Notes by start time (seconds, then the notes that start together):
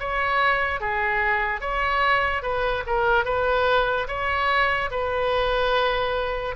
0.00 C#5
0.81 G#4
1.61 C#5
2.43 B4
2.87 A#4
3.25 B4
4.08 C#5
4.91 B4